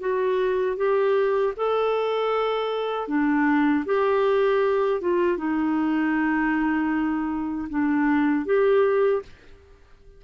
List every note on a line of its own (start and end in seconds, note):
0.00 0.77 F#4
0.77 1.53 G4
1.57 3.08 A4
3.08 3.85 D4
3.85 5.01 G4
5.01 5.37 F4
5.37 7.68 D#4
7.69 8.45 D4
8.45 9.22 G4